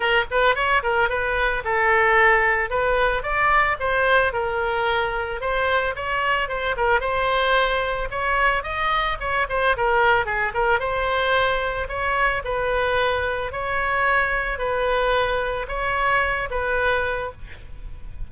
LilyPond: \new Staff \with { instrumentName = "oboe" } { \time 4/4 \tempo 4 = 111 ais'8 b'8 cis''8 ais'8 b'4 a'4~ | a'4 b'4 d''4 c''4 | ais'2 c''4 cis''4 | c''8 ais'8 c''2 cis''4 |
dis''4 cis''8 c''8 ais'4 gis'8 ais'8 | c''2 cis''4 b'4~ | b'4 cis''2 b'4~ | b'4 cis''4. b'4. | }